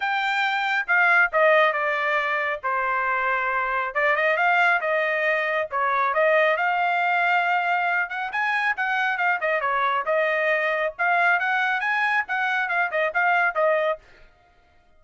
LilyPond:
\new Staff \with { instrumentName = "trumpet" } { \time 4/4 \tempo 4 = 137 g''2 f''4 dis''4 | d''2 c''2~ | c''4 d''8 dis''8 f''4 dis''4~ | dis''4 cis''4 dis''4 f''4~ |
f''2~ f''8 fis''8 gis''4 | fis''4 f''8 dis''8 cis''4 dis''4~ | dis''4 f''4 fis''4 gis''4 | fis''4 f''8 dis''8 f''4 dis''4 | }